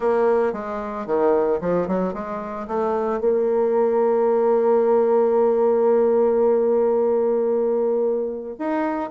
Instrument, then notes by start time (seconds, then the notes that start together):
bassoon
0.00 A#3
0.52 G#3
1.06 D#3
1.60 F3
1.87 F#3
2.13 G#3
2.67 A3
3.20 A#3
8.58 D#4